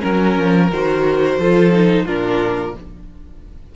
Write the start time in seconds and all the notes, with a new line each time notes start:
0.00 F#3 C#4 A#4
0.38 F3
0.71 D#3 F#4 C5
1.37 F3 F4 A4
1.72 D#4
2.05 A#2 D4 F4 A#4